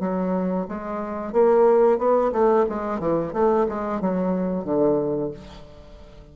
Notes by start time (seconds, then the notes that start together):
0.00 F#3
0.68 G#3
1.33 A#3
1.98 B3
2.32 A3
2.69 G#3
3.00 E3
3.33 A3
3.69 G#3
4.01 F#3
4.65 D3